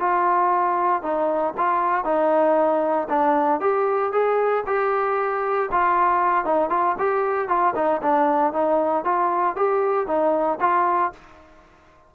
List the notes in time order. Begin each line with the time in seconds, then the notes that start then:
0.00 F4
1.03 D#4
1.57 F4
2.05 D#4
3.10 D4
3.61 G4
4.13 G#4
4.66 G4
5.72 F4
6.45 D#4
6.70 F4
6.99 G4
7.49 F4
7.76 D#4
8.02 D4
8.53 D#4
9.05 F4
9.56 G4
10.07 D#4
10.61 F4